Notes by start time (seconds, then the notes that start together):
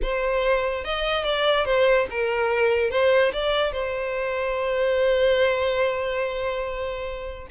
0.02 C5
0.84 D#5
1.24 D5
1.65 C5
2.10 A#4
2.90 C5
3.32 D5
3.72 C5